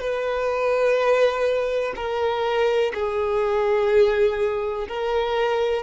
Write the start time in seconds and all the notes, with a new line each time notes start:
0.00 B4
1.95 A#4
2.94 G#4
4.88 A#4